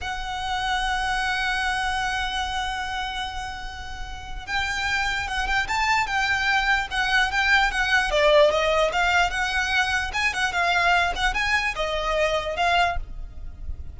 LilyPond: \new Staff \with { instrumentName = "violin" } { \time 4/4 \tempo 4 = 148 fis''1~ | fis''1~ | fis''2. g''4~ | g''4 fis''8 g''8 a''4 g''4~ |
g''4 fis''4 g''4 fis''4 | d''4 dis''4 f''4 fis''4~ | fis''4 gis''8 fis''8 f''4. fis''8 | gis''4 dis''2 f''4 | }